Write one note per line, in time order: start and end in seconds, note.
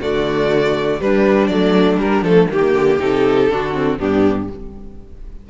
0.00 1.01 D3
0.00 1.00 A3
0.00 1.00 F#4
0.00 1.01 D5
1.00 1.50 G3
1.00 1.49 G3
1.00 2.53 D4
1.00 1.48 B4
1.48 1.98 F#3
1.48 2.01 A3
1.48 1.98 D5
1.98 2.23 G3
1.98 2.25 G3
1.98 2.24 A#4
2.23 2.48 F3
2.23 2.50 A3
2.23 2.49 A4
2.51 2.74 D#3
2.51 3.00 A#3
2.51 3.03 G4
2.51 3.53 G4
2.74 2.99 D3
3.00 3.50 C3
3.00 3.50 D#4
3.00 3.99 A4
3.50 4.00 D3
3.50 3.74 D4
3.50 3.99 F#4
3.74 3.99 C4
3.99 4.51 G2
3.99 4.50 B3
3.99 4.49 D4
3.99 4.49 G4